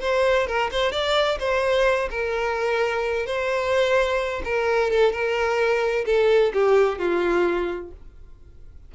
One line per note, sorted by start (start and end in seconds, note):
0.00 0.47 C5
0.47 0.70 A#4
0.71 0.91 C5
0.91 1.38 D5
1.39 2.09 C5
2.10 3.26 A#4
3.26 4.42 C5
4.44 4.90 A#4
4.90 5.12 A4
5.12 6.05 A#4
6.05 6.52 A4
6.53 6.98 G4
6.98 7.91 F4